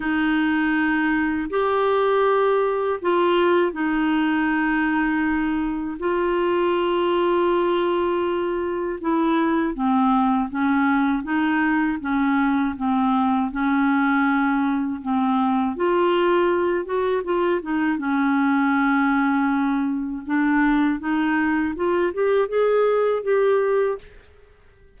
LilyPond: \new Staff \with { instrumentName = "clarinet" } { \time 4/4 \tempo 4 = 80 dis'2 g'2 | f'4 dis'2. | f'1 | e'4 c'4 cis'4 dis'4 |
cis'4 c'4 cis'2 | c'4 f'4. fis'8 f'8 dis'8 | cis'2. d'4 | dis'4 f'8 g'8 gis'4 g'4 | }